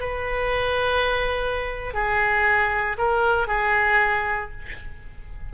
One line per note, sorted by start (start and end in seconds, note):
0.00 1.94 B4
1.94 2.97 G#4
2.98 3.48 A#4
3.48 4.51 G#4